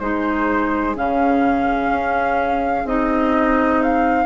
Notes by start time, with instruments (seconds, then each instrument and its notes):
0.00 bassoon G#3, clarinet D#4, oboe G#4, flute C5
0.96 bassoon C#3, clarinet C#4, flute F5
1.90 bassoon C#4
2.85 bassoon C4, clarinet D#4, flute D#5
3.82 flute F5